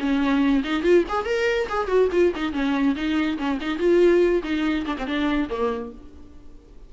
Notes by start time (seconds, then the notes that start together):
0.00 C#4
0.64 D#4
0.83 F4
1.09 G#4
1.26 A#4
1.69 G#4
1.88 F#4
2.12 F4
2.36 D#4
2.53 C#4
2.96 D#4
3.38 C#4
3.61 D#4
3.79 F4
4.43 D#4
4.86 D4
4.98 C4
5.07 D4
5.50 A#3